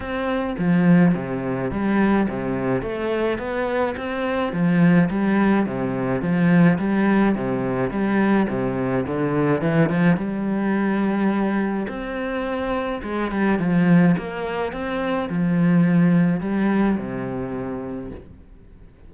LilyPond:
\new Staff \with { instrumentName = "cello" } { \time 4/4 \tempo 4 = 106 c'4 f4 c4 g4 | c4 a4 b4 c'4 | f4 g4 c4 f4 | g4 c4 g4 c4 |
d4 e8 f8 g2~ | g4 c'2 gis8 g8 | f4 ais4 c'4 f4~ | f4 g4 c2 | }